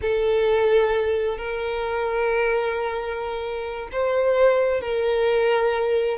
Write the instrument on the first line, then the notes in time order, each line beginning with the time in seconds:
violin
0.01 A4
1.37 A#4
3.92 C5
4.81 A#4